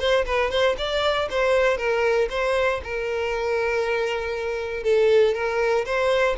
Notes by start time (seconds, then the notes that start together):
0.00 C5
0.26 B4
0.51 C5
0.78 D5
1.31 C5
1.78 A#4
2.30 C5
2.84 A#4
4.84 A4
5.34 A#4
5.86 C5